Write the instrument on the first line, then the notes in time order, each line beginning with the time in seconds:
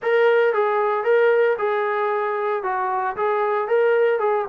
trombone
0.02 A#4
0.53 G#4
1.04 A#4
1.58 G#4
2.63 F#4
3.16 G#4
3.68 A#4
4.19 G#4